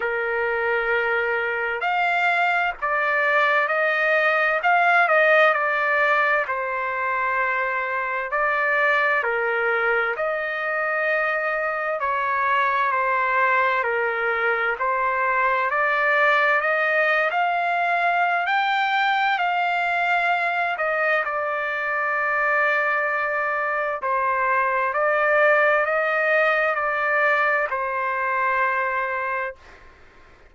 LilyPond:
\new Staff \with { instrumentName = "trumpet" } { \time 4/4 \tempo 4 = 65 ais'2 f''4 d''4 | dis''4 f''8 dis''8 d''4 c''4~ | c''4 d''4 ais'4 dis''4~ | dis''4 cis''4 c''4 ais'4 |
c''4 d''4 dis''8. f''4~ f''16 | g''4 f''4. dis''8 d''4~ | d''2 c''4 d''4 | dis''4 d''4 c''2 | }